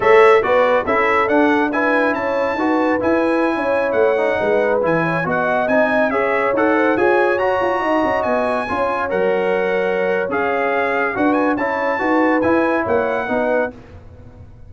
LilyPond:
<<
  \new Staff \with { instrumentName = "trumpet" } { \time 4/4 \tempo 4 = 140 e''4 d''4 e''4 fis''4 | gis''4 a''2 gis''4~ | gis''4~ gis''16 fis''2 gis''8.~ | gis''16 fis''4 gis''4 e''4 fis''8.~ |
fis''16 gis''4 ais''2 gis''8.~ | gis''4~ gis''16 fis''2~ fis''8. | f''2 fis''8 gis''8 a''4~ | a''4 gis''4 fis''2 | }
  \new Staff \with { instrumentName = "horn" } { \time 4/4 cis''4 b'4 a'2 | b'4 cis''4 b'2~ | b'16 cis''2 b'4. cis''16~ | cis''16 dis''2 cis''4. c''16~ |
c''16 cis''2 dis''4.~ dis''16~ | dis''16 cis''2.~ cis''8.~ | cis''2 b'4 cis''4 | b'2 cis''4 b'4 | }
  \new Staff \with { instrumentName = "trombone" } { \time 4/4 a'4 fis'4 e'4 d'4 | e'2 fis'4 e'4~ | e'4.~ e'16 dis'4. e'8.~ | e'16 fis'4 dis'4 gis'4 a'8.~ |
a'16 gis'4 fis'2~ fis'8.~ | fis'16 f'4 ais'2~ ais'8. | gis'2 fis'4 e'4 | fis'4 e'2 dis'4 | }
  \new Staff \with { instrumentName = "tuba" } { \time 4/4 a4 b4 cis'4 d'4~ | d'4 cis'4 dis'4 e'4~ | e'16 cis'4 a4 gis4 e8.~ | e16 b4 c'4 cis'4 dis'8.~ |
dis'16 f'4 fis'8 f'8 dis'8 cis'8 b8.~ | b16 cis'4 fis2~ fis8. | cis'2 d'4 cis'4 | dis'4 e'4 ais4 b4 | }
>>